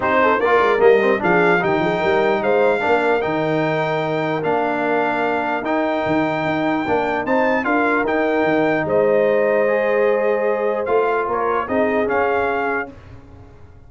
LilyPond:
<<
  \new Staff \with { instrumentName = "trumpet" } { \time 4/4 \tempo 4 = 149 c''4 d''4 dis''4 f''4 | g''2 f''2 | g''2. f''4~ | f''2 g''2~ |
g''2 a''4 f''4 | g''2 dis''2~ | dis''2. f''4 | cis''4 dis''4 f''2 | }
  \new Staff \with { instrumentName = "horn" } { \time 4/4 g'8 a'8 ais'2 gis'4 | g'8 gis'8 ais'4 c''4 ais'4~ | ais'1~ | ais'1~ |
ais'2 c''4 ais'4~ | ais'2 c''2~ | c''1 | ais'4 gis'2. | }
  \new Staff \with { instrumentName = "trombone" } { \time 4/4 dis'4 f'4 ais8 c'8 d'4 | dis'2. d'4 | dis'2. d'4~ | d'2 dis'2~ |
dis'4 d'4 dis'4 f'4 | dis'1 | gis'2. f'4~ | f'4 dis'4 cis'2 | }
  \new Staff \with { instrumentName = "tuba" } { \time 4/4 c'4 ais8 gis8 g4 f4 | dis8 f8 g4 gis4 ais4 | dis2. ais4~ | ais2 dis'4 dis4 |
dis'4 ais4 c'4 d'4 | dis'4 dis4 gis2~ | gis2. a4 | ais4 c'4 cis'2 | }
>>